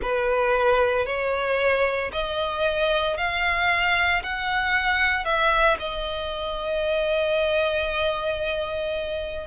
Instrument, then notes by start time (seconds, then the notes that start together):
violin
0.01 B4
1.05 C#5
2.12 D#5
3.17 F5
4.23 F#5
5.24 E5
5.79 D#5